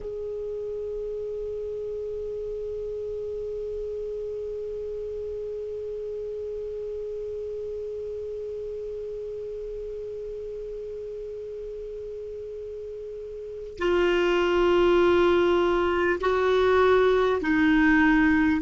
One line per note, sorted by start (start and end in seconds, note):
0.00 13.78 G#4
13.78 16.18 F4
16.20 17.40 F#4
17.41 18.61 D#4